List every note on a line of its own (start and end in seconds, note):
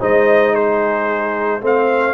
0.00 1.62 G#3
0.00 1.61 D#4
0.00 0.54 C5
0.00 0.55 D#5
0.54 1.61 G#4
0.54 1.62 C5
1.61 2.15 A3
1.61 2.15 C4
1.61 2.15 C5
1.61 2.15 F5